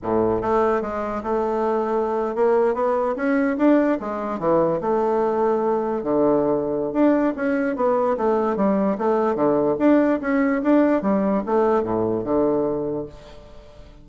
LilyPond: \new Staff \with { instrumentName = "bassoon" } { \time 4/4 \tempo 4 = 147 a,4 a4 gis4 a4~ | a4.~ a16 ais4 b4 cis'16~ | cis'8. d'4 gis4 e4 a16~ | a2~ a8. d4~ d16~ |
d4 d'4 cis'4 b4 | a4 g4 a4 d4 | d'4 cis'4 d'4 g4 | a4 a,4 d2 | }